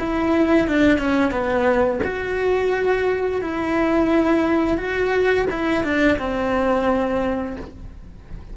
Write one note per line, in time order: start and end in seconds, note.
0.00 0.67 E4
0.67 0.98 D4
0.98 1.31 C#4
1.31 2.00 B3
2.04 3.42 F#4
3.42 4.78 E4
4.78 5.47 F#4
5.50 5.84 E4
5.84 6.18 D4
6.19 7.57 C4